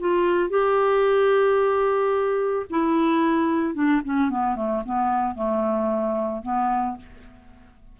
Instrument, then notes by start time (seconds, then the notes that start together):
clarinet
0.00 F4
0.50 G4
2.70 E4
3.75 D4
4.05 C#4
4.30 B3
4.56 A3
4.86 B3
5.35 A3
6.43 B3